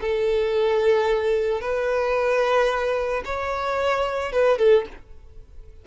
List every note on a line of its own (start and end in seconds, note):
0.00 1.61 A4
1.61 3.23 B4
3.25 4.32 C#5
4.32 4.58 B4
4.58 4.85 A4